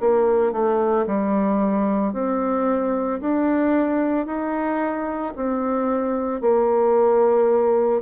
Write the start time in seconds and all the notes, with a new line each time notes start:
0.00 A#3
0.52 A3
1.06 G3
2.13 C4
3.20 D4
4.26 D#4
5.36 C4
6.41 A#3